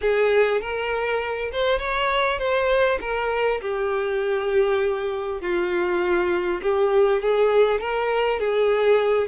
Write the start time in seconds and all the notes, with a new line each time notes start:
0.01 G#4
0.61 A#4
1.52 C5
1.78 C#5
2.38 C5
3.01 A#4
3.61 G4
5.41 F4
6.62 G4
7.22 G#4
7.80 A#4
8.39 G#4